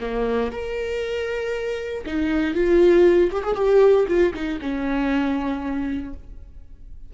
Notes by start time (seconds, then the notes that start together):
0.00 A#3
0.51 A#4
2.06 D#4
2.54 F4
3.31 G4
3.43 G#4
3.55 G4
4.07 F4
4.33 D#4
4.61 C#4